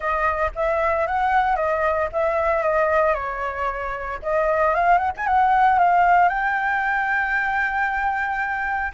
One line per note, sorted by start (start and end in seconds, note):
0.00 0.51 D#5
0.55 1.06 E5
1.06 1.56 F#5
1.56 2.08 D#5
2.12 2.62 E5
2.62 3.14 D#5
3.14 4.19 C#5
4.22 4.74 D#5
4.74 4.98 F5
4.98 5.11 F#5
5.16 5.26 G#5
5.26 5.78 F#5
5.78 6.28 F5
6.28 8.92 G5